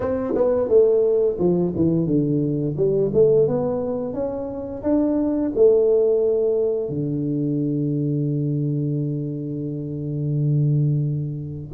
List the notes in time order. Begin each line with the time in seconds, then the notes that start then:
0.00 C4
0.34 B3
0.68 A3
1.38 F3
1.75 E3
2.06 D3
2.76 G3
3.13 A3
3.47 B3
4.13 C#4
4.82 D4
5.55 A3
6.89 D3